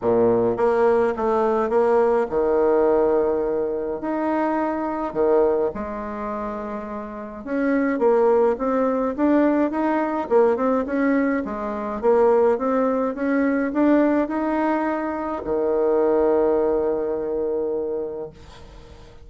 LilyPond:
\new Staff \with { instrumentName = "bassoon" } { \time 4/4 \tempo 4 = 105 ais,4 ais4 a4 ais4 | dis2. dis'4~ | dis'4 dis4 gis2~ | gis4 cis'4 ais4 c'4 |
d'4 dis'4 ais8 c'8 cis'4 | gis4 ais4 c'4 cis'4 | d'4 dis'2 dis4~ | dis1 | }